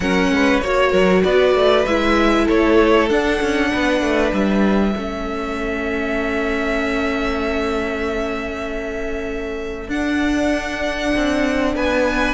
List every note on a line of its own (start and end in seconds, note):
0.00 0.29 F#3
0.00 0.62 C#4
0.00 0.32 A#4
0.00 0.60 F#5
0.30 0.60 G#3
0.30 0.64 B4
0.60 0.92 A#3
0.60 1.87 F#4
0.60 1.22 C#5
0.60 0.90 C#5
0.90 1.23 F#3
0.90 1.21 A#4
1.23 1.54 B3
1.23 2.44 B4
1.23 1.85 D5
1.54 1.85 A3
1.85 2.48 G#3
1.85 3.09 E4
1.85 2.47 E5
2.44 3.10 A3
2.44 3.68 A4
2.44 3.09 C#5
3.09 4.95 D4
3.09 3.40 D4
3.09 4.32 F#5
3.41 3.72 C#4
3.72 4.01 B3
3.72 4.96 B4
4.01 4.32 A3
4.32 4.94 G3
4.32 9.89 E5
4.95 9.87 A3
4.95 9.90 C#4
4.95 11.75 A4
9.87 11.11 D4
9.87 12.34 D4
9.87 11.75 F#5
11.16 11.75 C4
11.75 12.34 B3
11.75 12.34 B4
11.75 12.34 G#5